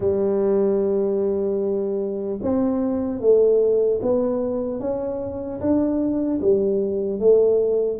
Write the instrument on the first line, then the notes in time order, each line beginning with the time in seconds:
tuba
0.00 G3
2.42 C4
3.20 A3
4.01 B3
4.80 C#4
5.60 D4
6.41 G3
7.19 A3